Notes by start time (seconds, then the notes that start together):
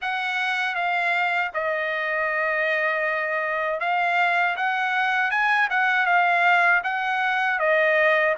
0.01 F#5
0.75 F5
1.54 D#5
3.80 F5
4.56 F#5
5.30 G#5
5.70 F#5
6.06 F5
6.83 F#5
7.59 D#5